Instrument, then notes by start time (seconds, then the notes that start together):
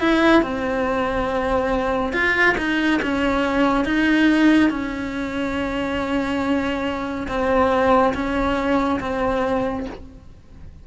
cello
0.00 E4
0.42 C4
2.13 F4
2.58 D#4
3.02 C#4
3.85 D#4
4.70 C#4
7.28 C4
8.14 C#4
9.00 C4